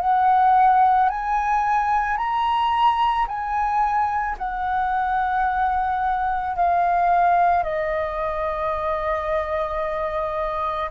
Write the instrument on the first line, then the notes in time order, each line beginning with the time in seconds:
flute
0.00 F#5
1.09 G#5
2.17 A#5
3.27 G#5
4.38 F#5
6.56 F5
7.63 D#5